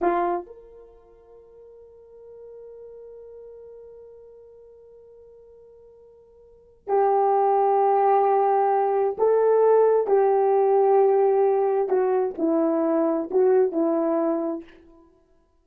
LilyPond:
\new Staff \with { instrumentName = "horn" } { \time 4/4 \tempo 4 = 131 f'4 ais'2.~ | ais'1~ | ais'1~ | ais'2. g'4~ |
g'1 | a'2 g'2~ | g'2 fis'4 e'4~ | e'4 fis'4 e'2 | }